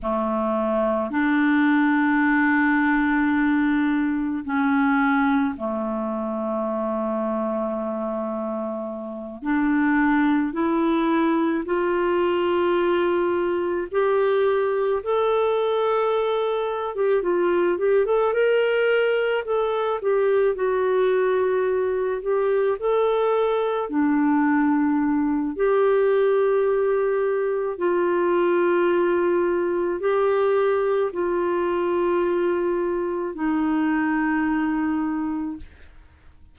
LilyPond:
\new Staff \with { instrumentName = "clarinet" } { \time 4/4 \tempo 4 = 54 a4 d'2. | cis'4 a2.~ | a8 d'4 e'4 f'4.~ | f'8 g'4 a'4.~ a'16 g'16 f'8 |
g'16 a'16 ais'4 a'8 g'8 fis'4. | g'8 a'4 d'4. g'4~ | g'4 f'2 g'4 | f'2 dis'2 | }